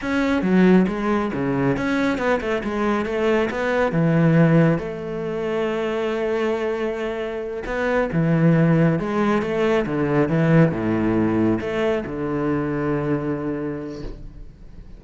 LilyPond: \new Staff \with { instrumentName = "cello" } { \time 4/4 \tempo 4 = 137 cis'4 fis4 gis4 cis4 | cis'4 b8 a8 gis4 a4 | b4 e2 a4~ | a1~ |
a4. b4 e4.~ | e8 gis4 a4 d4 e8~ | e8 a,2 a4 d8~ | d1 | }